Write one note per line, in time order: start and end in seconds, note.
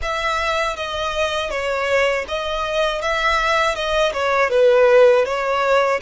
0.02 0.76 E5
0.76 1.50 D#5
1.50 2.25 C#5
2.28 3.01 D#5
3.01 3.75 E5
3.75 4.12 D#5
4.12 4.50 C#5
4.50 5.25 B4
5.25 6.00 C#5